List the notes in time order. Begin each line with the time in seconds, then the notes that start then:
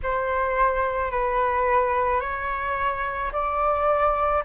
0.03 C5
1.11 B4
2.20 C#5
3.32 D5